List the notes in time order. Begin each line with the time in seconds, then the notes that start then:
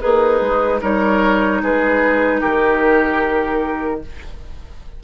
0.00 A#3 D#4 G#4 B4
0.40 G#3
0.82 G3 D#4 A#4 C#5
1.62 G#3 G#4 B4
2.41 D#3 G4 A#4